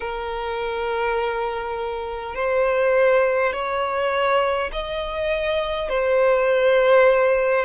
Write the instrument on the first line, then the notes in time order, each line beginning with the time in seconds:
violin
0.00 A#4
2.35 C5
3.52 C#5
4.72 D#5
5.89 C5